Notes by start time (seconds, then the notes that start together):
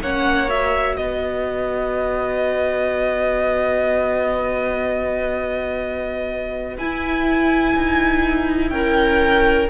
0.00 A#3 C#4 C#5 F#5
0.48 F#4 E5
0.96 B3 B4 D#5
6.77 E4 G#5
7.75 D#4
8.69 C#4 A#4 G5